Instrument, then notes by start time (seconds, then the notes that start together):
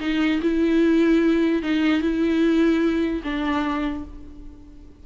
viola
0.00 D#4
0.42 E4
1.62 D#4
2.01 E4
3.23 D4